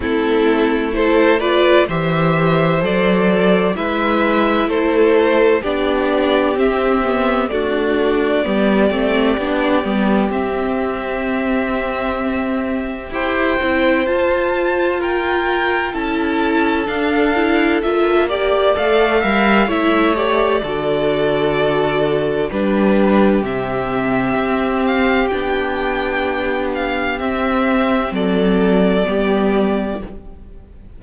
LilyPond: <<
  \new Staff \with { instrumentName = "violin" } { \time 4/4 \tempo 4 = 64 a'4 c''8 d''8 e''4 d''4 | e''4 c''4 d''4 e''4 | d''2. e''4~ | e''2 g''4 a''4 |
g''4 a''4 f''4 e''8 d''8 | f''4 e''8 d''2~ d''8 | b'4 e''4. f''8 g''4~ | g''8 f''8 e''4 d''2 | }
  \new Staff \with { instrumentName = "violin" } { \time 4/4 e'4 a'8 b'8 c''2 | b'4 a'4 g'2 | fis'4 g'2.~ | g'2 c''2 |
ais'4 a'2~ a'8 d''8~ | d''8 e''8 cis''4 a'2 | g'1~ | g'2 a'4 g'4 | }
  \new Staff \with { instrumentName = "viola" } { \time 4/4 c'4 e'8 f'8 g'4 a'4 | e'2 d'4 c'8 b8 | a4 b8 c'8 d'8 b8 c'4~ | c'2 g'8 e'8 f'4~ |
f'4 e'4 d'8 e'8 f'8 g'8 | a'8 ais'8 e'8 g'8 fis'2 | d'4 c'2 d'4~ | d'4 c'2 b4 | }
  \new Staff \with { instrumentName = "cello" } { \time 4/4 a2 e4 fis4 | gis4 a4 b4 c'4 | d'4 g8 a8 b8 g8 c'4~ | c'2 e'8 c'8 f'4~ |
f'4 cis'4 d'4 ais4 | a8 g8 a4 d2 | g4 c4 c'4 b4~ | b4 c'4 fis4 g4 | }
>>